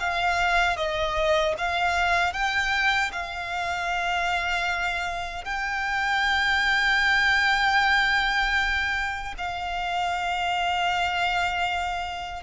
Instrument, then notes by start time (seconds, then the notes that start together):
violin
0.00 F5
0.77 D#5
1.58 F5
2.33 G5
3.12 F5
5.45 G5
9.38 F5